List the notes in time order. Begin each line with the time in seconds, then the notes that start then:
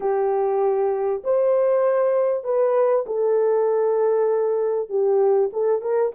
0.00 G4
1.24 C5
2.44 B4
3.06 A4
4.89 G4
5.52 A4
5.81 A#4